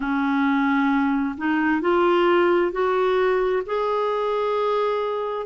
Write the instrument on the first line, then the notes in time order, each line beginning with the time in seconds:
clarinet
0.00 C#4
1.37 D#4
1.81 F4
2.71 F#4
3.66 G#4